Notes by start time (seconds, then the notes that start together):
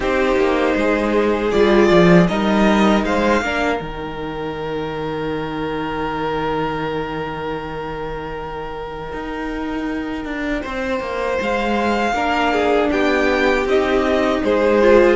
0.00 C4 D#4 G4 C5
0.36 A#3
0.75 G#3 G#4
1.51 G3 F4 D5
1.90 F3
2.28 G3 D#4 A#4 D#5
3.03 G#3 C5 F5
3.41 A#3 D4 A#4
3.77 D#3 D#4 G5
9.12 D#4
10.25 D4
10.61 C4 C5
11.00 A#3
11.41 G#3 F5
12.12 A#3 D4 A#4
12.52 G#4
12.91 B3 G4 G5
13.65 C4 D#4 D#5
14.43 G#3 G#4 C5
14.81 F4